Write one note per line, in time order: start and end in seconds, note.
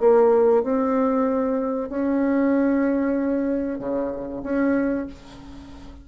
0.00 0.63 A#3
0.63 1.89 C4
1.89 3.79 C#4
3.79 4.42 C#3
4.43 5.06 C#4